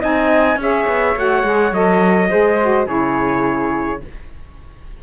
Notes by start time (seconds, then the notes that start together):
0.00 C4 D#4 D#5 G#5
0.56 C#4 G#4 C#5 E5
0.87 B3
1.16 A3 F#4 F#5
1.44 G#3 G#4
1.72 F#3 A4 D#5
2.29 G#3 G#4 C5
2.61 F#4
2.86 C#3 E4 G#4 C#5